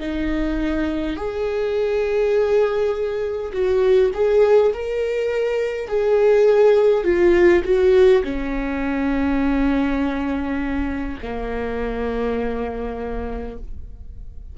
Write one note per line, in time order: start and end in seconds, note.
0.00 1.17 D#4
1.17 3.52 G#4
3.53 4.12 F#4
4.14 4.73 G#4
4.74 5.88 A#4
5.88 7.04 G#4
7.04 7.63 F4
7.64 8.23 F#4
8.24 11.18 C#4
11.22 13.58 A#3